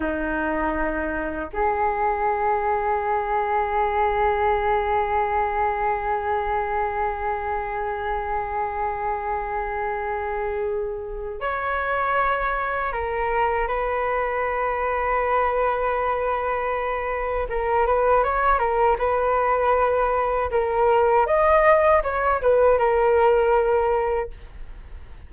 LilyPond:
\new Staff \with { instrumentName = "flute" } { \time 4/4 \tempo 4 = 79 dis'2 gis'2~ | gis'1~ | gis'1~ | gis'2. cis''4~ |
cis''4 ais'4 b'2~ | b'2. ais'8 b'8 | cis''8 ais'8 b'2 ais'4 | dis''4 cis''8 b'8 ais'2 | }